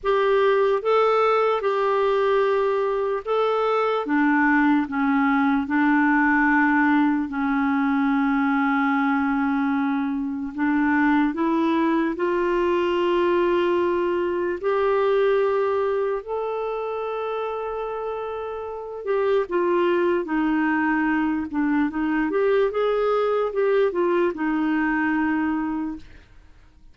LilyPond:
\new Staff \with { instrumentName = "clarinet" } { \time 4/4 \tempo 4 = 74 g'4 a'4 g'2 | a'4 d'4 cis'4 d'4~ | d'4 cis'2.~ | cis'4 d'4 e'4 f'4~ |
f'2 g'2 | a'2.~ a'8 g'8 | f'4 dis'4. d'8 dis'8 g'8 | gis'4 g'8 f'8 dis'2 | }